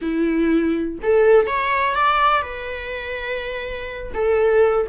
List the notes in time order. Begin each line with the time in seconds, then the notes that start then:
0.01 E4
1.02 A4
1.47 C#5
1.94 D5
2.42 B4
4.14 A4